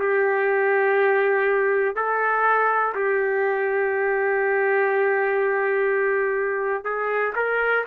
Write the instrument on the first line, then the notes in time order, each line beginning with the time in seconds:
trumpet
0.00 G4
1.96 A4
2.95 G4
6.85 G#4
7.36 A#4